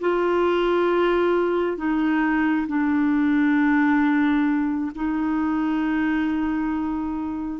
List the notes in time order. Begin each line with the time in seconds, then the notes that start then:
0.00 F4
1.77 D#4
2.67 D4
4.95 D#4